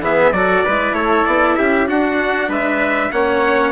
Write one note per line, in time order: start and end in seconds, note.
0.00 0.31 E3
0.00 0.34 B3
0.00 0.35 G#4
0.00 0.33 E5
0.32 0.63 F#3
0.32 0.66 F#4
0.32 0.65 A4
0.32 0.95 D5
0.65 0.93 G#3
0.65 1.87 E4
0.65 0.96 B4
0.93 1.24 A3
0.93 1.59 A4
0.93 1.26 C#5
1.26 1.58 B3
1.26 1.56 D5
1.56 1.90 C#4
1.56 1.88 G4
1.56 1.87 E5
1.87 3.10 D4
1.87 2.49 D4
1.87 2.49 F#4
1.87 2.51 F#5
2.49 3.11 G#3
2.49 3.11 B4
2.49 3.12 E5
3.12 3.72 A#3
3.12 3.72 C#4
3.12 3.72 C#5
3.12 3.72 F#5